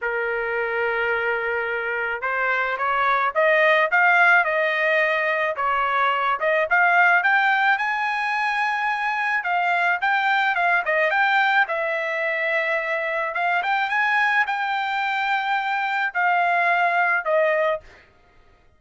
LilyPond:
\new Staff \with { instrumentName = "trumpet" } { \time 4/4 \tempo 4 = 108 ais'1 | c''4 cis''4 dis''4 f''4 | dis''2 cis''4. dis''8 | f''4 g''4 gis''2~ |
gis''4 f''4 g''4 f''8 dis''8 | g''4 e''2. | f''8 g''8 gis''4 g''2~ | g''4 f''2 dis''4 | }